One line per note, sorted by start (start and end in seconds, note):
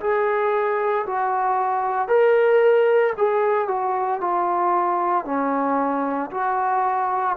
0.00 1.05 G#4
1.06 2.08 F#4
2.08 3.13 A#4
3.17 3.67 G#4
3.67 4.20 F#4
4.20 5.24 F4
5.24 6.30 C#4
6.31 7.36 F#4